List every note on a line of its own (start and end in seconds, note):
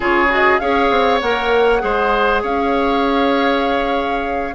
0.00 0.59 C#3
0.00 0.28 F4
0.00 0.60 G#4
0.00 0.32 C#5
0.28 0.59 F#4
0.28 0.59 D#5
0.59 0.90 C#4
0.59 1.20 G#4
0.59 1.81 C#5
0.59 1.19 F5
0.90 1.20 C4
1.20 1.82 A#3
1.20 1.79 A#4
1.20 2.42 F#5
1.79 2.43 G#3
1.79 4.52 G#4
1.79 2.42 C5
2.42 4.54 C#4
2.42 4.54 C#5
2.42 4.54 F5